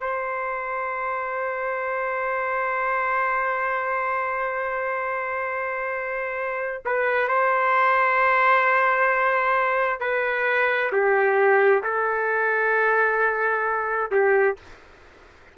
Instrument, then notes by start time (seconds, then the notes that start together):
trumpet
0.00 C5
6.85 B4
7.28 C5
10.00 B4
10.92 G4
11.83 A4
14.11 G4